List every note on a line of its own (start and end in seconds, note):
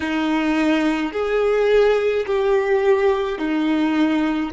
0.00 1.12 D#4
1.12 2.25 G#4
2.26 3.38 G4
3.38 4.51 D#4